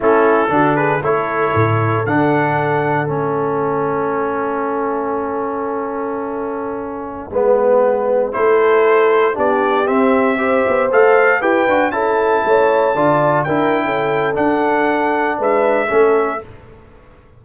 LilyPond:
<<
  \new Staff \with { instrumentName = "trumpet" } { \time 4/4 \tempo 4 = 117 a'4. b'8 cis''2 | fis''2 e''2~ | e''1~ | e''1~ |
e''16 c''2 d''4 e''8.~ | e''4~ e''16 f''4 g''4 a''8.~ | a''2~ a''16 g''4.~ g''16 | fis''2 e''2 | }
  \new Staff \with { instrumentName = "horn" } { \time 4/4 e'4 fis'8 gis'8 a'2~ | a'1~ | a'1~ | a'2~ a'16 b'4.~ b'16~ |
b'16 a'2 g'4.~ g'16~ | g'16 c''2 b'4 a'8.~ | a'16 cis''4 d''4 ais'8. a'4~ | a'2 b'4 a'4 | }
  \new Staff \with { instrumentName = "trombone" } { \time 4/4 cis'4 d'4 e'2 | d'2 cis'2~ | cis'1~ | cis'2~ cis'16 b4.~ b16~ |
b16 e'2 d'4 c'8.~ | c'16 g'4 a'4 g'8 fis'8 e'8.~ | e'4~ e'16 f'4 e'4.~ e'16 | d'2. cis'4 | }
  \new Staff \with { instrumentName = "tuba" } { \time 4/4 a4 d4 a4 a,4 | d2 a2~ | a1~ | a2~ a16 gis4.~ gis16~ |
gis16 a2 b4 c'8.~ | c'8. b8 a4 e'8 d'8 cis'8.~ | cis'16 a4 d4 d'8. cis'4 | d'2 gis4 a4 | }
>>